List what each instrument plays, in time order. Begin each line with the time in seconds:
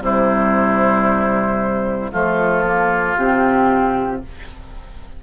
0.00 bassoon C3, clarinet G3, oboe E4, flute C5
2.11 bassoon F3, clarinet A3, oboe F4, flute A4
2.64 clarinet A#3
3.17 bassoon C3, clarinet C4, flute G4